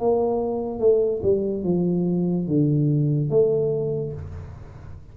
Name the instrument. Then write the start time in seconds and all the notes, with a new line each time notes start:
tuba
0.00 A#3
0.80 A3
1.23 G3
1.64 F3
2.48 D3
3.30 A3